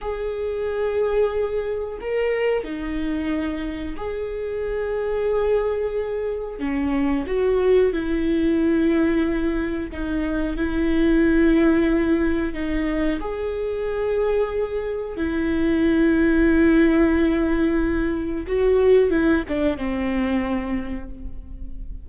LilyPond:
\new Staff \with { instrumentName = "viola" } { \time 4/4 \tempo 4 = 91 gis'2. ais'4 | dis'2 gis'2~ | gis'2 cis'4 fis'4 | e'2. dis'4 |
e'2. dis'4 | gis'2. e'4~ | e'1 | fis'4 e'8 d'8 c'2 | }